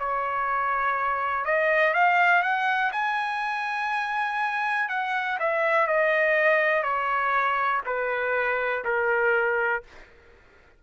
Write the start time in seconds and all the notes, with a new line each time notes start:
0.00 C#5
1.45 D#5
1.94 F5
2.43 F#5
2.93 G#5
4.90 F#5
5.40 E5
5.87 D#5
6.84 C#5
7.86 B4
8.85 A#4